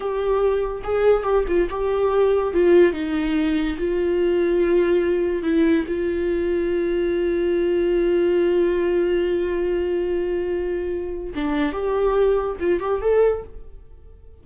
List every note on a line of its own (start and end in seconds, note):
0.00 0.82 G4
0.83 1.23 G#4
1.23 1.44 G4
1.47 1.68 F4
1.70 2.53 G4
2.53 2.92 F4
2.92 3.76 D#4
3.78 5.42 F4
5.42 5.84 E4
5.87 11.33 F4
11.35 11.72 D4
11.72 12.56 G4
12.59 12.80 F4
12.80 13.01 G4
13.01 13.43 A4